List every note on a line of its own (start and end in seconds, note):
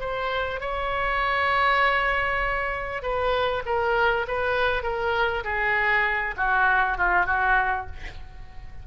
0.00 0.60 C5
0.60 3.02 C#5
3.02 3.63 B4
3.66 4.26 A#4
4.28 4.83 B4
4.83 5.44 A#4
5.44 6.35 G#4
6.37 6.98 F#4
6.98 7.26 F4
7.26 7.87 F#4